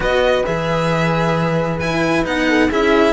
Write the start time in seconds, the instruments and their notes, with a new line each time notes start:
0.00 cello B3 F#4, horn B4, violin D#5
0.45 cello E3 G#4, violin E5
1.79 cello E4, violin G#5
2.24 cello B3 D#4, violin F#5
2.48 horn A4
2.69 cello C#4 E4, horn G#4, violin E5